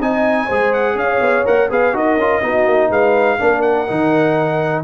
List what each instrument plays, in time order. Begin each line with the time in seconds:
0.00 tuba C4, trombone D#4, horn D#5, trumpet G#5
0.46 tuba G#3, trombone G#4, horn C5
0.73 trumpet F#5
0.95 tuba C#4, horn C#5, trumpet F5
1.21 tuba B3
1.45 tuba A#3, trombone A#4, trumpet F#5
1.69 tuba B3, trombone G#4, horn B4, trumpet F5
1.93 tuba D#4, trombone F#4, horn A#4, trumpet D#5
2.17 tuba C#4, trombone F4
2.42 tuba B3, trombone D#4, horn F#4
2.66 tuba A#3
2.90 tuba G#3, horn B4, trumpet F5
3.39 tuba A#3, trombone D4, horn A#4
3.61 trumpet F#5
3.87 tuba D#3, trombone D#4